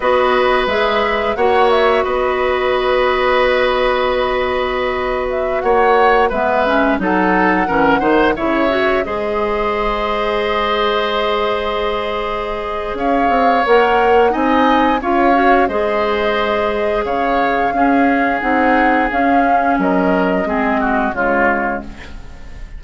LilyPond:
<<
  \new Staff \with { instrumentName = "flute" } { \time 4/4 \tempo 4 = 88 dis''4 e''4 fis''8 e''8 dis''4~ | dis''2.~ dis''8. e''16~ | e''16 fis''4 e''4 fis''4.~ fis''16~ | fis''16 e''4 dis''2~ dis''8.~ |
dis''2. f''4 | fis''4 gis''4 f''4 dis''4~ | dis''4 f''2 fis''4 | f''4 dis''2 cis''4 | }
  \new Staff \with { instrumentName = "oboe" } { \time 4/4 b'2 cis''4 b'4~ | b'1~ | b'16 cis''4 b'4 a'4 ais'8 c''16~ | c''16 cis''4 c''2~ c''8.~ |
c''2. cis''4~ | cis''4 dis''4 cis''4 c''4~ | c''4 cis''4 gis'2~ | gis'4 ais'4 gis'8 fis'8 f'4 | }
  \new Staff \with { instrumentName = "clarinet" } { \time 4/4 fis'4 gis'4 fis'2~ | fis'1~ | fis'4~ fis'16 b8 cis'8 dis'4 cis'8 dis'16~ | dis'16 e'8 fis'8 gis'2~ gis'8.~ |
gis'1 | ais'4 dis'4 f'8 fis'8 gis'4~ | gis'2 cis'4 dis'4 | cis'2 c'4 gis4 | }
  \new Staff \with { instrumentName = "bassoon" } { \time 4/4 b4 gis4 ais4 b4~ | b1~ | b16 ais4 gis4 fis4 e8 dis16~ | dis16 cis4 gis2~ gis8.~ |
gis2. cis'8 c'8 | ais4 c'4 cis'4 gis4~ | gis4 cis4 cis'4 c'4 | cis'4 fis4 gis4 cis4 | }
>>